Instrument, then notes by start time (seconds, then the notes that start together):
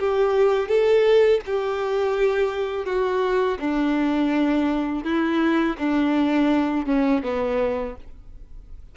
violin
0.00 G4
0.69 A4
1.46 G4
2.86 F#4
3.60 D4
5.04 E4
5.79 D4
6.86 C#4
7.23 B3